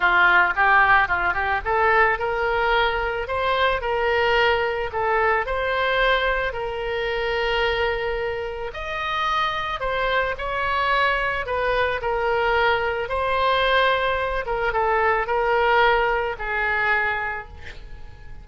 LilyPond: \new Staff \with { instrumentName = "oboe" } { \time 4/4 \tempo 4 = 110 f'4 g'4 f'8 g'8 a'4 | ais'2 c''4 ais'4~ | ais'4 a'4 c''2 | ais'1 |
dis''2 c''4 cis''4~ | cis''4 b'4 ais'2 | c''2~ c''8 ais'8 a'4 | ais'2 gis'2 | }